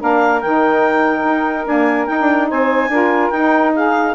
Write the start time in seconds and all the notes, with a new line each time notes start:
0.00 A#3 D4 A#4 F5
0.41 D#3 D#4 G5
1.24 D#4
1.66 A#3 D4 G#5
2.06 D#4 G5
2.20 D4
2.49 C4 C5 G#5
2.88 D4 F4 A#4
3.30 D#4 G5
3.75 G#4 F5